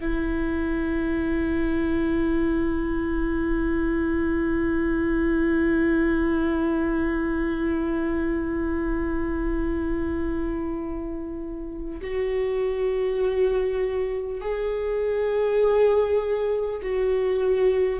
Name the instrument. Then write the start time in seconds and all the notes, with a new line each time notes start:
viola
0.00 E4
12.01 F#4
14.40 G#4
16.82 F#4